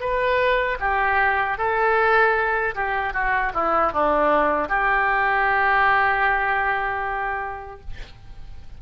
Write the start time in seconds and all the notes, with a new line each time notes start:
0.00 B4
0.80 G4
1.58 A4
2.75 G4
3.13 F#4
3.54 E4
3.93 D4
4.69 G4